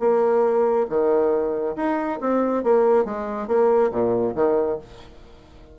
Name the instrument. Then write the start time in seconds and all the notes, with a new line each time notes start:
bassoon
0.00 A#3
0.90 D#3
1.76 D#4
2.21 C4
2.64 A#3
3.05 G#3
3.48 A#3
3.92 A#2
4.35 D#3